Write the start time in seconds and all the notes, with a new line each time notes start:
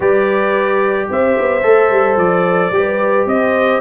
0.00 G3 G4 B4 D5
1.10 C4 C5 E5
1.38 B3
1.62 A3 A4
1.89 G3
2.16 F3 D5
2.71 G3 G4 B4
3.26 C4 C5 D#5